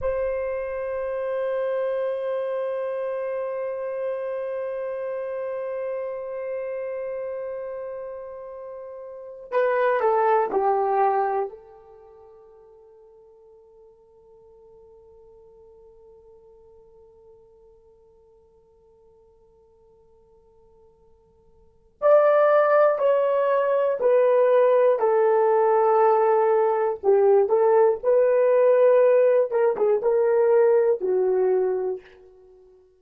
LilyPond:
\new Staff \with { instrumentName = "horn" } { \time 4/4 \tempo 4 = 60 c''1~ | c''1~ | c''4. b'8 a'8 g'4 a'8~ | a'1~ |
a'1~ | a'2 d''4 cis''4 | b'4 a'2 g'8 a'8 | b'4. ais'16 gis'16 ais'4 fis'4 | }